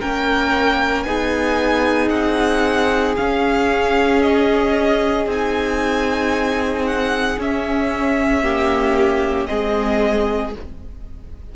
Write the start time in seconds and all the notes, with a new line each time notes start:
0.00 A#3 C#4 A#4 G5
1.03 B3 D#4 G#4 G#5
2.09 C4 F#5
3.16 C#4 F5
4.22 D#5
5.26 C4 D#4 G#5
6.86 F#5
7.38 C#4 E5
8.43 A#3 G4
9.46 G#3 C4 G#4 D#5